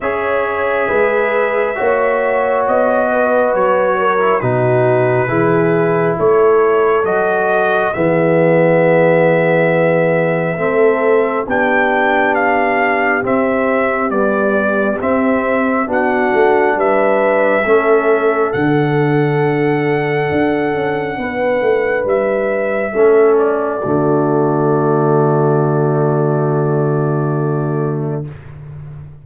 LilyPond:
<<
  \new Staff \with { instrumentName = "trumpet" } { \time 4/4 \tempo 4 = 68 e''2. dis''4 | cis''4 b'2 cis''4 | dis''4 e''2.~ | e''4 g''4 f''4 e''4 |
d''4 e''4 fis''4 e''4~ | e''4 fis''2.~ | fis''4 e''4. d''4.~ | d''1 | }
  \new Staff \with { instrumentName = "horn" } { \time 4/4 cis''4 b'4 cis''4. b'8~ | b'8 ais'8 fis'4 gis'4 a'4~ | a'4 gis'2. | a'4 g'2.~ |
g'2 fis'4 b'4 | a'1 | b'2 a'4 fis'4~ | fis'1 | }
  \new Staff \with { instrumentName = "trombone" } { \time 4/4 gis'2 fis'2~ | fis'8. e'16 dis'4 e'2 | fis'4 b2. | c'4 d'2 c'4 |
g4 c'4 d'2 | cis'4 d'2.~ | d'2 cis'4 a4~ | a1 | }
  \new Staff \with { instrumentName = "tuba" } { \time 4/4 cis'4 gis4 ais4 b4 | fis4 b,4 e4 a4 | fis4 e2. | a4 b2 c'4 |
b4 c'4 b8 a8 g4 | a4 d2 d'8 cis'8 | b8 a8 g4 a4 d4~ | d1 | }
>>